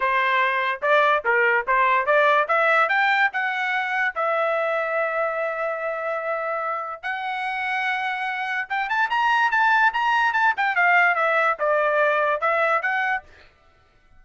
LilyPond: \new Staff \with { instrumentName = "trumpet" } { \time 4/4 \tempo 4 = 145 c''2 d''4 ais'4 | c''4 d''4 e''4 g''4 | fis''2 e''2~ | e''1~ |
e''4 fis''2.~ | fis''4 g''8 a''8 ais''4 a''4 | ais''4 a''8 g''8 f''4 e''4 | d''2 e''4 fis''4 | }